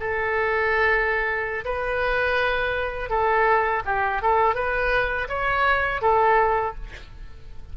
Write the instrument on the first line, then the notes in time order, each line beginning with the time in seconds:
oboe
0.00 A4
1.65 B4
3.10 A4
3.85 G4
4.22 A4
4.55 B4
5.28 C#5
6.01 A4